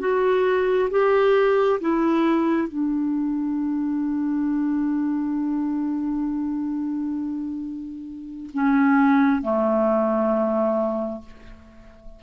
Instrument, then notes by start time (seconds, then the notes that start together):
clarinet
0.00 F#4
0.90 G4
1.80 E4
2.68 D4
8.54 C#4
9.42 A3